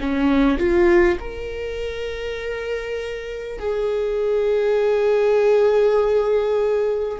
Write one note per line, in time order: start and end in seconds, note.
0.00 0.58 C#4
0.58 1.18 F4
1.19 3.59 A#4
3.59 7.19 G#4